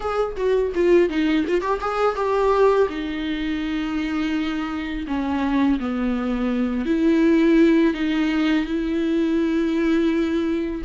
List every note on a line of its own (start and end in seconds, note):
0.00 0.36 G#4
0.36 0.72 F#4
0.74 1.09 F4
1.09 1.45 D#4
1.47 1.61 F4
1.61 1.79 G4
1.81 2.15 G#4
2.15 2.87 G4
2.89 5.06 D#4
5.07 5.79 C#4
5.79 6.85 B3
6.85 7.94 E4
7.94 8.65 D#4
8.65 10.82 E4